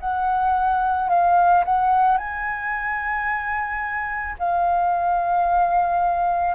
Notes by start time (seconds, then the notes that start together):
0.00 F#5
1.09 F5
1.65 F#5
2.17 G#5
4.38 F5